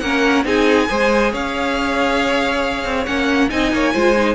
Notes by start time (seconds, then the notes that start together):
0.00 A#3 C#4 A#4 F#5
0.44 C4 D#4 G#4 G#5
0.88 G#3 G#4 C5
1.32 C#4 C#5 F5
2.85 C4
3.06 A#3 C#4 F#5
3.49 C4 D#4 D#5 G#5
3.72 A#3 C#5
3.93 G#3 F4 C5
4.17 D#4